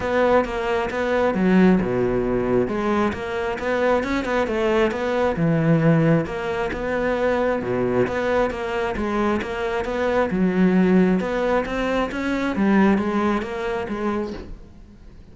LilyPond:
\new Staff \with { instrumentName = "cello" } { \time 4/4 \tempo 4 = 134 b4 ais4 b4 fis4 | b,2 gis4 ais4 | b4 cis'8 b8 a4 b4 | e2 ais4 b4~ |
b4 b,4 b4 ais4 | gis4 ais4 b4 fis4~ | fis4 b4 c'4 cis'4 | g4 gis4 ais4 gis4 | }